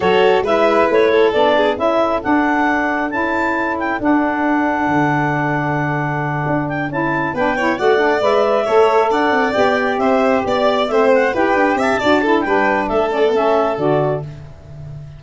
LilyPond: <<
  \new Staff \with { instrumentName = "clarinet" } { \time 4/4 \tempo 4 = 135 cis''4 e''4 cis''4 d''4 | e''4 fis''2 a''4~ | a''8 g''8 fis''2.~ | fis''2. g''8 a''8~ |
a''8 g''4 fis''4 e''4.~ | e''8 fis''4 g''4 e''4 d''8~ | d''8 e''8 fis''8 g''4 a''4. | g''4 e''8 d''8 e''4 d''4 | }
  \new Staff \with { instrumentName = "violin" } { \time 4/4 a'4 b'4. a'4 gis'8 | a'1~ | a'1~ | a'1~ |
a'8 b'8 cis''8 d''2 cis''8~ | cis''8 d''2 c''4 d''8~ | d''8 c''4 b'4 e''8 d''8 a'8 | b'4 a'2. | }
  \new Staff \with { instrumentName = "saxophone" } { \time 4/4 fis'4 e'2 d'4 | e'4 d'2 e'4~ | e'4 d'2.~ | d'2.~ d'8 e'8~ |
e'8 d'8 e'8 fis'8 d'8 b'4 a'8~ | a'4. g'2~ g'8~ | g'8 c'4 g'4. fis'8 e'8 | d'4. cis'16 b16 cis'4 fis'4 | }
  \new Staff \with { instrumentName = "tuba" } { \time 4/4 fis4 gis4 a4 b4 | cis'4 d'2 cis'4~ | cis'4 d'2 d4~ | d2~ d8 d'4 cis'8~ |
cis'8 b4 a4 gis4 a8~ | a8 d'8 c'8 b4 c'4 b8~ | b8 a4 e'8 d'8 c'8 d'4 | g4 a2 d4 | }
>>